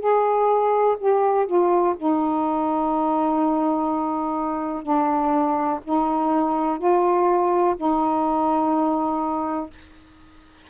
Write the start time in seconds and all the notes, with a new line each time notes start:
0.00 G#4
0.99 G4
1.47 F4
1.97 D#4
4.83 D4
5.84 D#4
6.79 F4
7.77 D#4